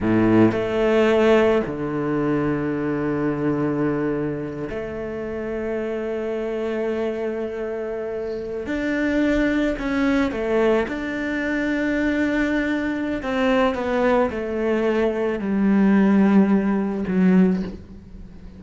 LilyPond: \new Staff \with { instrumentName = "cello" } { \time 4/4 \tempo 4 = 109 a,4 a2 d4~ | d1~ | d8 a2.~ a8~ | a2.~ a8. d'16~ |
d'4.~ d'16 cis'4 a4 d'16~ | d'1 | c'4 b4 a2 | g2. fis4 | }